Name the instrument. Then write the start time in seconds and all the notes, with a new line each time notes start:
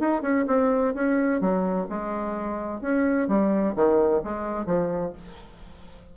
bassoon
0.00 D#4
0.23 C#4
0.48 C4
0.95 C#4
1.41 F#3
1.90 G#3
2.82 C#4
3.29 G3
3.76 D#3
4.24 G#3
4.67 F3